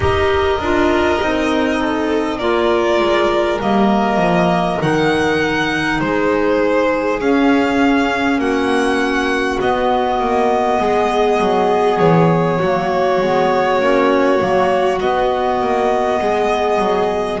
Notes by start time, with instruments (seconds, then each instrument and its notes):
0.00 double bass D#4, clarinet G4, violin A#4 D#5
0.59 double bass D4, clarinet F4
1.20 double bass C4, clarinet D#4
1.80 violin A4
2.38 double bass A#3, clarinet F4, violin A#4 D5
3.00 double bass G#3
3.59 double bass G3, clarinet A#3, violin D#5
4.17 double bass F3
4.79 double bass D#3, clarinet D#4, violin F#5
6.00 double bass G#3, violin G#4 C5
7.20 double bass C#4, clarinet C#4, violin F5
8.38 double bass A#3, violin F#4 F#5
9.60 double bass B3, clarinet B3, violin D#5
10.19 double bass A#3
10.80 double bass G#3, violin G#4
11.39 double bass F#3
11.99 double bass E3, violin C#5
12.59 double bass F#3, clarinet A#3, violin F#4
13.21 double bass G#3, clarinet B3
13.80 double bass A#3, clarinet C#4
14.38 double bass F#3, clarinet A#3
15.00 double bass B3, clarinet B3, violin D#5
15.60 double bass A#3
16.21 double bass G#3, violin G#4
16.78 double bass F#3